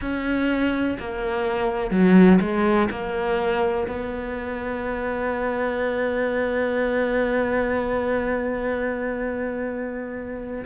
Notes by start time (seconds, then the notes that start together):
0.00 C#4
0.99 A#3
1.90 F#3
2.40 G#3
2.90 A#3
3.87 B3